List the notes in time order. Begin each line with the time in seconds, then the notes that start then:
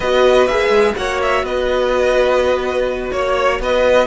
0.00 B3 F#4 B4 D#5
0.46 A#3 G#4 E5
0.69 G#3
0.95 A#3 F#4 C#5 F#5
1.21 E5
1.42 B3 B4 D#5
3.11 A#3 C#5
3.59 B3 B4 D#5